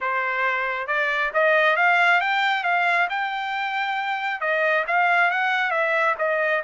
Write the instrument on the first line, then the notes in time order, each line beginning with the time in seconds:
trumpet
0.00 C5
0.87 D5
1.33 D#5
1.76 F5
2.21 G5
2.63 F5
3.09 G5
4.40 D#5
4.87 F5
5.30 F#5
5.70 E5
6.18 D#5